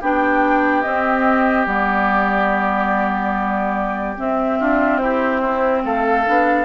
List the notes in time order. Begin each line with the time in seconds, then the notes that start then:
0.00 B3 D4 G4 G5
0.82 C4 D#5
1.65 G3 B3 D5
4.17 C4 E5
4.59 D4 F4
4.97 E4 G4 C5
5.41 C4 E4
5.84 A3 A4 F5
6.25 B3 D4